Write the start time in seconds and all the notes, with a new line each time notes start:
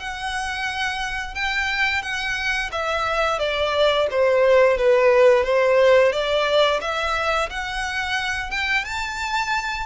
0.00 F#5
1.35 G5
2.03 F#5
2.72 E5
3.40 D5
4.11 C5
4.78 B4
5.45 C5
6.13 D5
6.82 E5
7.50 F#5
8.51 G5
8.85 A5